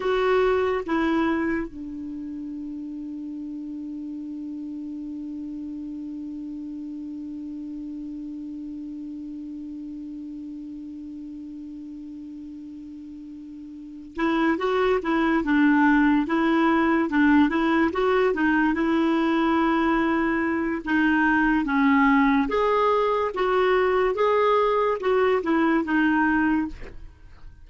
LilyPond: \new Staff \with { instrumentName = "clarinet" } { \time 4/4 \tempo 4 = 72 fis'4 e'4 d'2~ | d'1~ | d'1~ | d'1~ |
d'4 e'8 fis'8 e'8 d'4 e'8~ | e'8 d'8 e'8 fis'8 dis'8 e'4.~ | e'4 dis'4 cis'4 gis'4 | fis'4 gis'4 fis'8 e'8 dis'4 | }